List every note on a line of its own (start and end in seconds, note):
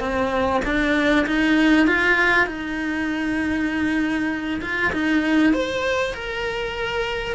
0.00 0.61 C4
0.65 1.26 D4
1.27 1.87 D#4
1.87 2.47 F4
2.47 4.61 D#4
4.62 4.92 F4
4.93 5.54 D#4
5.54 6.14 C5
6.14 7.36 A#4